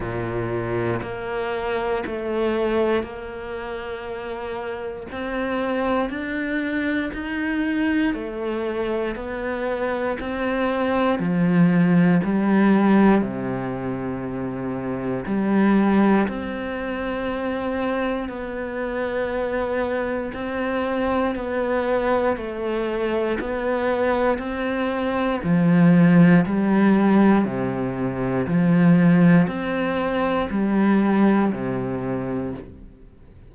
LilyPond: \new Staff \with { instrumentName = "cello" } { \time 4/4 \tempo 4 = 59 ais,4 ais4 a4 ais4~ | ais4 c'4 d'4 dis'4 | a4 b4 c'4 f4 | g4 c2 g4 |
c'2 b2 | c'4 b4 a4 b4 | c'4 f4 g4 c4 | f4 c'4 g4 c4 | }